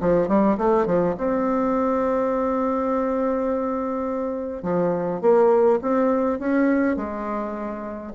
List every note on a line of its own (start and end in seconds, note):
0.00 0.28 F3
0.28 0.57 G3
0.57 0.86 A3
0.86 1.15 F3
1.17 4.63 C4
4.63 5.21 F3
5.21 5.79 A#3
5.81 6.39 C4
6.39 6.96 C#4
6.96 8.13 G#3